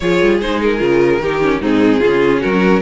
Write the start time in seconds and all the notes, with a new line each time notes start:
0.00 F3 F4 G#4 C#5
0.22 G3
0.40 G#3 D#4 C5
0.61 A#4
0.78 C#3 F4
1.18 D#3 D#4 G4
1.41 C#4
1.60 G#2 C4 D#4 G#4
1.99 C#3 C#4 F4
2.39 F#3 F#4 A#4